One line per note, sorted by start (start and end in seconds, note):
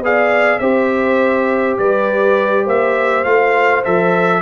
0.00 0.59 B3
0.00 0.61 G#4
0.00 0.61 D5
0.00 0.59 F5
0.59 1.78 C4
0.59 3.25 G4
0.59 1.78 C5
0.59 1.76 E5
1.78 2.66 G3
1.78 2.64 B4
1.78 2.66 D5
2.64 3.25 A#3
2.64 4.40 C5
2.64 3.24 E5
3.24 3.84 A3
3.24 3.84 F4
3.24 3.83 F5
3.84 4.41 F3
3.84 4.41 A4
3.84 4.41 E5